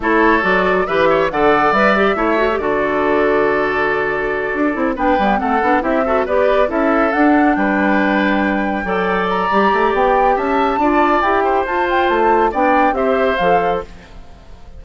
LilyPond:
<<
  \new Staff \with { instrumentName = "flute" } { \time 4/4 \tempo 4 = 139 cis''4 d''4 e''4 fis''4 | e''2 d''2~ | d''2.~ d''8 g''8~ | g''8 fis''4 e''4 d''4 e''8~ |
e''8 fis''4 g''2~ g''8~ | g''4. ais''4. g''4 | a''2 g''4 a''8 g''8 | a''4 g''4 e''4 f''4 | }
  \new Staff \with { instrumentName = "oboe" } { \time 4/4 a'2 b'8 cis''8 d''4~ | d''4 cis''4 a'2~ | a'2.~ a'8 b'8~ | b'8 a'4 g'8 a'8 b'4 a'8~ |
a'4. b'2~ b'8~ | b'8 d''2.~ d''8 | e''4 d''4. c''4.~ | c''4 d''4 c''2 | }
  \new Staff \with { instrumentName = "clarinet" } { \time 4/4 e'4 fis'4 g'4 a'4 | b'8 g'8 e'8 fis'16 g'16 fis'2~ | fis'2. e'8 d'8 | b8 c'8 d'8 e'8 fis'8 g'4 e'8~ |
e'8 d'2.~ d'8~ | d'8 a'4. g'2~ | g'4 f'4 g'4 f'4~ | f'4 d'4 g'4 a'4 | }
  \new Staff \with { instrumentName = "bassoon" } { \time 4/4 a4 fis4 e4 d4 | g4 a4 d2~ | d2~ d8 d'8 c'8 b8 | g8 a8 b8 c'4 b4 cis'8~ |
cis'8 d'4 g2~ g8~ | g8 fis4. g8 a8 b4 | cis'4 d'4 e'4 f'4 | a4 b4 c'4 f4 | }
>>